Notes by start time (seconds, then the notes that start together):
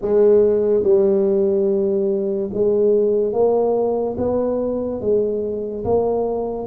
0.02 G#3
0.83 G3
2.53 G#3
3.33 A#3
4.17 B3
5.00 G#3
5.84 A#3